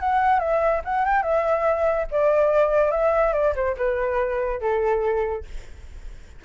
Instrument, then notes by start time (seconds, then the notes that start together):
flute
0.00 F#5
0.40 E5
0.85 F#5
1.05 G5
1.23 E5
2.11 D5
2.91 E5
3.33 D5
3.56 C5
3.77 B4
4.61 A4